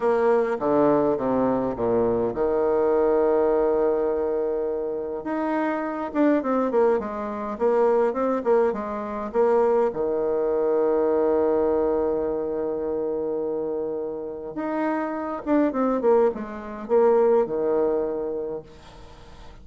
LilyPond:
\new Staff \with { instrumentName = "bassoon" } { \time 4/4 \tempo 4 = 103 ais4 d4 c4 ais,4 | dis1~ | dis4 dis'4. d'8 c'8 ais8 | gis4 ais4 c'8 ais8 gis4 |
ais4 dis2.~ | dis1~ | dis4 dis'4. d'8 c'8 ais8 | gis4 ais4 dis2 | }